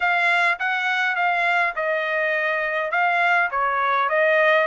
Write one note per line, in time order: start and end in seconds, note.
0.00 0.58 F5
0.59 1.15 F#5
1.15 1.73 F5
1.75 2.91 D#5
2.91 3.49 F5
3.50 4.09 C#5
4.09 4.67 D#5